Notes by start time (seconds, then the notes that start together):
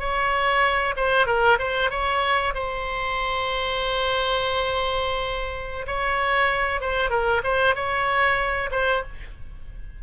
0.00 C#5
0.97 C5
1.27 A#4
1.59 C5
1.91 C#5
2.55 C5
5.87 C#5
6.81 C5
7.10 A#4
7.44 C5
7.75 C#5
8.72 C5